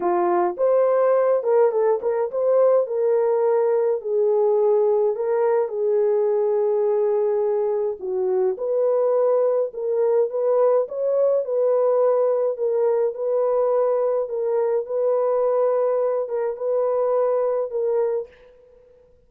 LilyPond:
\new Staff \with { instrumentName = "horn" } { \time 4/4 \tempo 4 = 105 f'4 c''4. ais'8 a'8 ais'8 | c''4 ais'2 gis'4~ | gis'4 ais'4 gis'2~ | gis'2 fis'4 b'4~ |
b'4 ais'4 b'4 cis''4 | b'2 ais'4 b'4~ | b'4 ais'4 b'2~ | b'8 ais'8 b'2 ais'4 | }